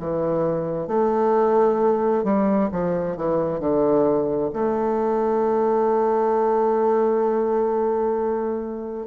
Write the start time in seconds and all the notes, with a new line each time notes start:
0.00 E3
0.88 A3
2.24 G3
2.72 F3
3.17 E3
3.60 D3
4.53 A3